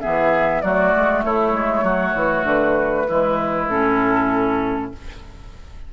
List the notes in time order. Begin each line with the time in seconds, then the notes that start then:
0.00 E3 B3 G#4 E5
0.61 F#3 A3 F#4 D5
0.96 G#3
1.24 A3 E4 C#5
1.52 G#3
1.82 F#3 F#4
2.14 E3
2.43 D3 B4
3.07 E3 G#3 E4
3.68 A2 C#4 A4